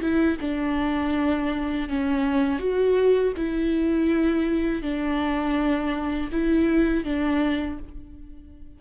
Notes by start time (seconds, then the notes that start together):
0.00 E4
0.40 D4
1.88 C#4
2.59 F#4
3.36 E4
4.82 D4
6.31 E4
7.04 D4